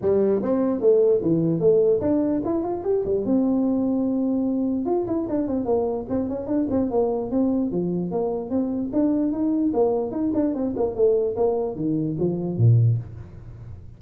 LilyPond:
\new Staff \with { instrumentName = "tuba" } { \time 4/4 \tempo 4 = 148 g4 c'4 a4 e4 | a4 d'4 e'8 f'8 g'8 g8 | c'1 | f'8 e'8 d'8 c'8 ais4 c'8 cis'8 |
d'8 c'8 ais4 c'4 f4 | ais4 c'4 d'4 dis'4 | ais4 dis'8 d'8 c'8 ais8 a4 | ais4 dis4 f4 ais,4 | }